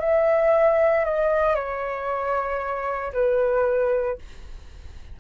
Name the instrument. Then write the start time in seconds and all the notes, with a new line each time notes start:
flute
0.00 E5
1.05 D#5
1.55 C#5
3.13 B4